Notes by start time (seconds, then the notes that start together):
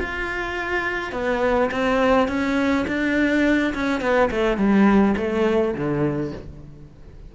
0.00 F4
1.12 B3
1.71 C4
2.28 C#4
2.87 D4
3.74 C#4
4.01 B3
4.31 A3
4.57 G3
5.17 A3
5.75 D3